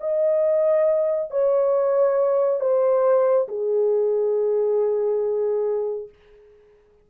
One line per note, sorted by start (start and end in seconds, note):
0.00 1.30 D#5
1.30 2.60 C#5
2.60 3.47 C5
3.48 6.09 G#4